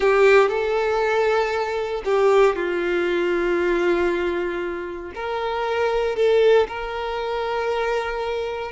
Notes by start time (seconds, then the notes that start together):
0.00 G4
0.48 A4
2.04 G4
2.55 F4
5.14 A#4
6.16 A4
6.68 A#4